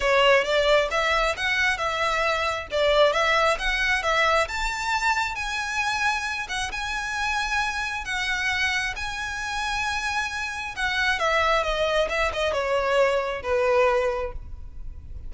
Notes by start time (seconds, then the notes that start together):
0.00 C#5
0.44 D5
0.91 E5
1.36 F#5
1.77 E5
2.71 D5
3.12 E5
3.59 F#5
4.02 E5
4.48 A5
5.35 G#5
6.48 F#5
6.71 G#5
8.04 F#5
8.96 G#5
10.75 F#5
11.19 E5
11.63 D#5
12.09 E5
12.33 D#5
12.53 C#5
13.42 B4